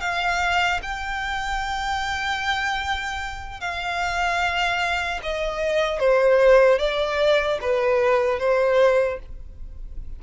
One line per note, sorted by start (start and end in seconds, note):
0.00 0.80 F5
0.82 3.60 G5
3.60 5.20 F5
5.22 5.99 D#5
5.99 6.79 C5
6.79 7.59 D5
7.61 8.39 B4
8.39 9.19 C5